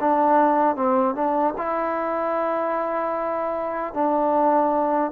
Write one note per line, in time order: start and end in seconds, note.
0.00 0.76 D4
0.76 1.15 C4
1.15 1.54 D4
1.57 3.94 E4
3.94 5.11 D4